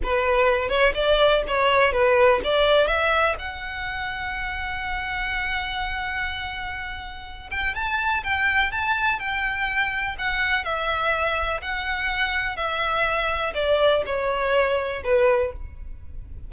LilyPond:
\new Staff \with { instrumentName = "violin" } { \time 4/4 \tempo 4 = 124 b'4. cis''8 d''4 cis''4 | b'4 d''4 e''4 fis''4~ | fis''1~ | fis''2.~ fis''8 g''8 |
a''4 g''4 a''4 g''4~ | g''4 fis''4 e''2 | fis''2 e''2 | d''4 cis''2 b'4 | }